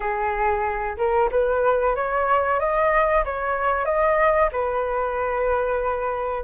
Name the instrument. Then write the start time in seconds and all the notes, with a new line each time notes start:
flute
0.00 G#4
0.97 A#4
1.31 B4
1.95 C#5
2.59 D#5
3.24 C#5
3.85 D#5
4.52 B4